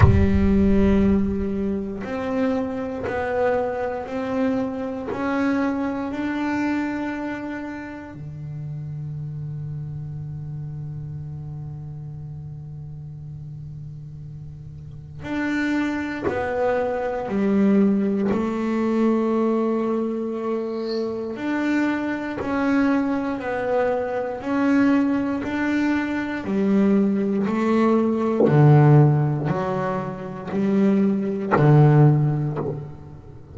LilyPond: \new Staff \with { instrumentName = "double bass" } { \time 4/4 \tempo 4 = 59 g2 c'4 b4 | c'4 cis'4 d'2 | d1~ | d2. d'4 |
b4 g4 a2~ | a4 d'4 cis'4 b4 | cis'4 d'4 g4 a4 | d4 fis4 g4 d4 | }